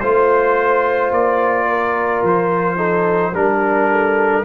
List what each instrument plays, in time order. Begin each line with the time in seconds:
0.00 tuba A3, trombone F4, trumpet C5, horn C5
1.11 tuba A#3, trumpet D5
1.68 horn A#4
2.23 tuba F3, trumpet C5
2.76 trombone D#4, horn A4
3.33 tuba G3, trombone D4, horn A#4, trumpet A#4
3.91 horn A4